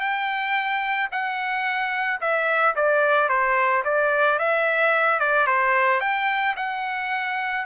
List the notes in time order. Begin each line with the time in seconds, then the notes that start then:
0.00 G5
1.11 F#5
2.20 E5
2.75 D5
3.29 C5
3.84 D5
4.39 E5
5.19 D5
5.46 C5
6.00 G5
6.56 F#5